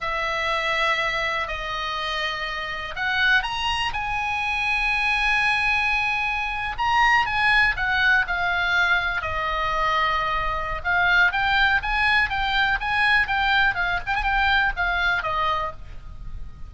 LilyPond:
\new Staff \with { instrumentName = "oboe" } { \time 4/4 \tempo 4 = 122 e''2. dis''4~ | dis''2 fis''4 ais''4 | gis''1~ | gis''4.~ gis''16 ais''4 gis''4 fis''16~ |
fis''8. f''2 dis''4~ dis''16~ | dis''2 f''4 g''4 | gis''4 g''4 gis''4 g''4 | f''8 g''16 gis''16 g''4 f''4 dis''4 | }